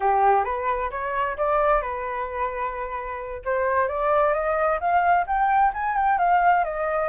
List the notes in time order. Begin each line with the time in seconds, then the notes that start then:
0.00 G4
0.44 B4
0.91 C#5
1.37 D5
1.81 B4
3.44 C5
3.88 D5
4.33 D#5
4.80 F5
5.26 G5
5.73 G#5
5.96 G5
6.18 F5
6.64 D#5